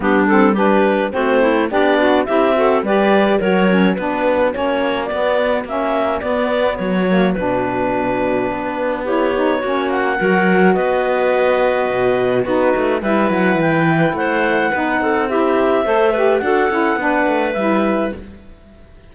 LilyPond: <<
  \new Staff \with { instrumentName = "clarinet" } { \time 4/4 \tempo 4 = 106 g'8 a'8 b'4 c''4 d''4 | e''4 d''4 cis''4 b'4 | cis''4 d''4 e''4 d''4 | cis''4 b'2. |
cis''4. fis''4. dis''4~ | dis''2 b'4 e''8 fis''8 | g''4 fis''2 e''4~ | e''4 fis''2 e''4 | }
  \new Staff \with { instrumentName = "clarinet" } { \time 4/4 d'4 g'4 fis'8 e'8 d'4 | g'8 a'8 b'4 ais'4 fis'4~ | fis'1~ | fis'1 |
g'4 fis'4 ais'4 b'4~ | b'2 fis'4 b'4~ | b'4 c''4 b'8 a'8 g'4 | c''8 b'8 a'4 b'2 | }
  \new Staff \with { instrumentName = "saxophone" } { \time 4/4 b8 c'8 d'4 c'4 g'8 fis'8 | e'8 fis'8 g'4 fis'8 cis'8 d'4 | cis'4 b4 cis'4 b4~ | b8 ais8 d'2. |
e'8 dis'8 cis'4 fis'2~ | fis'2 dis'4 e'4~ | e'2 dis'4 e'4 | a'8 g'8 fis'8 e'8 d'4 e'4 | }
  \new Staff \with { instrumentName = "cello" } { \time 4/4 g2 a4 b4 | c'4 g4 fis4 b4 | ais4 b4 ais4 b4 | fis4 b,2 b4~ |
b4 ais4 fis4 b4~ | b4 b,4 b8 a8 g8 fis8 | e4 a4 b8 c'4. | a4 d'8 cis'8 b8 a8 g4 | }
>>